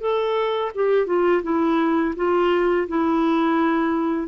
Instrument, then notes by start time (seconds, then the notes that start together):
clarinet
0.00 A4
0.74 G4
1.06 F4
1.43 E4
2.16 F4
2.88 E4